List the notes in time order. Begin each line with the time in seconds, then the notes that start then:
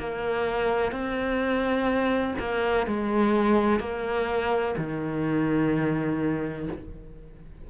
0.00 A#3
0.92 C4
2.39 A#3
2.87 G#3
3.81 A#3
4.78 D#3